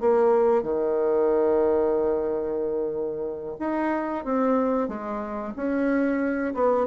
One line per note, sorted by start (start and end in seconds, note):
0.00 0.63 A#3
0.63 3.56 D#3
3.59 4.25 D#4
4.25 4.88 C4
4.88 5.53 G#3
5.56 6.54 C#4
6.54 6.87 B3